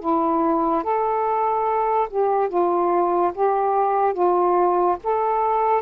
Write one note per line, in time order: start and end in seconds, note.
0.00 0.83 E4
0.83 2.08 A4
2.10 2.49 G4
2.49 3.33 F4
3.34 4.14 G4
4.14 4.97 F4
5.04 5.82 A4